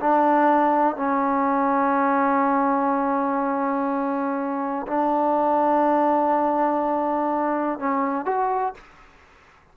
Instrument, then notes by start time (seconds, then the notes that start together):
trombone
0.00 D4
0.96 C#4
4.87 D4
7.79 C#4
8.25 F#4